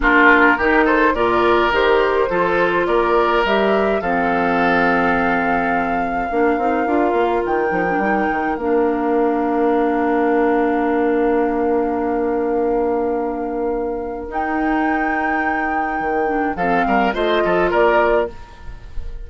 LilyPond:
<<
  \new Staff \with { instrumentName = "flute" } { \time 4/4 \tempo 4 = 105 ais'4. c''8 d''4 c''4~ | c''4 d''4 e''4 f''4~ | f''1~ | f''4 g''2 f''4~ |
f''1~ | f''1~ | f''4 g''2.~ | g''4 f''4 dis''4 d''4 | }
  \new Staff \with { instrumentName = "oboe" } { \time 4/4 f'4 g'8 a'8 ais'2 | a'4 ais'2 a'4~ | a'2. ais'4~ | ais'1~ |
ais'1~ | ais'1~ | ais'1~ | ais'4 a'8 ais'8 c''8 a'8 ais'4 | }
  \new Staff \with { instrumentName = "clarinet" } { \time 4/4 d'4 dis'4 f'4 g'4 | f'2 g'4 c'4~ | c'2. d'8 dis'8 | f'4. dis'16 d'16 dis'4 d'4~ |
d'1~ | d'1~ | d'4 dis'2.~ | dis'8 d'8 c'4 f'2 | }
  \new Staff \with { instrumentName = "bassoon" } { \time 4/4 ais4 dis4 ais,4 dis4 | f4 ais4 g4 f4~ | f2. ais8 c'8 | d'8 ais8 dis8 f8 g8 dis8 ais4~ |
ais1~ | ais1~ | ais4 dis'2. | dis4 f8 g8 a8 f8 ais4 | }
>>